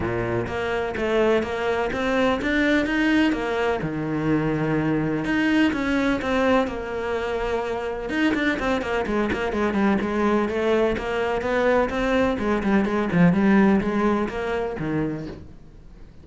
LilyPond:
\new Staff \with { instrumentName = "cello" } { \time 4/4 \tempo 4 = 126 ais,4 ais4 a4 ais4 | c'4 d'4 dis'4 ais4 | dis2. dis'4 | cis'4 c'4 ais2~ |
ais4 dis'8 d'8 c'8 ais8 gis8 ais8 | gis8 g8 gis4 a4 ais4 | b4 c'4 gis8 g8 gis8 f8 | g4 gis4 ais4 dis4 | }